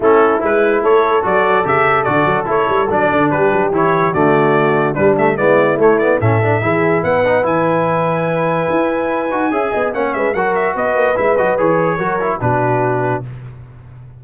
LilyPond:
<<
  \new Staff \with { instrumentName = "trumpet" } { \time 4/4 \tempo 4 = 145 a'4 b'4 cis''4 d''4 | e''4 d''4 cis''4 d''4 | b'4 cis''4 d''2 | b'8 e''8 d''4 cis''8 d''8 e''4~ |
e''4 fis''4 gis''2~ | gis''1 | fis''8 e''8 fis''8 e''8 dis''4 e''8 dis''8 | cis''2 b'2 | }
  \new Staff \with { instrumentName = "horn" } { \time 4/4 e'2 a'2~ | a'1 | g'2 fis'2 | d'4 e'2 a'4 |
gis'4 b'2.~ | b'2. e''8 dis''8 | cis''8 b'8 ais'4 b'2~ | b'4 ais'4 fis'2 | }
  \new Staff \with { instrumentName = "trombone" } { \time 4/4 cis'4 e'2 fis'4 | g'4 fis'4 e'4 d'4~ | d'4 e'4 a2 | g8 a8 b4 a8 b8 cis'8 d'8 |
e'4. dis'8 e'2~ | e'2~ e'8 fis'8 gis'4 | cis'4 fis'2 e'8 fis'8 | gis'4 fis'8 e'8 d'2 | }
  \new Staff \with { instrumentName = "tuba" } { \time 4/4 a4 gis4 a4 fis4 | cis4 d8 fis8 a8 g8 fis8 d8 | g8 fis8 e4 d2 | g4 gis4 a4 a,4 |
e4 b4 e2~ | e4 e'4. dis'8 cis'8 b8 | ais8 gis8 fis4 b8 ais8 gis8 fis8 | e4 fis4 b,2 | }
>>